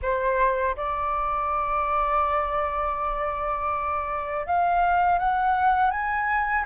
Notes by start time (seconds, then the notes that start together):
0.02 C5
0.76 D5
4.46 F5
5.18 F#5
5.90 G#5